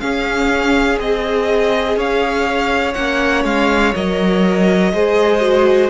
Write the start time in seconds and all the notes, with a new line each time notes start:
0.00 C#4 G#4 F5
0.98 C4 G#4 D#5
1.97 C#4 C#5 F5
2.94 A#3 C#4 F#5
3.44 G#3 F5
3.95 F#3 A#4 D#5
4.93 G#3 G#4 C5
5.41 F#4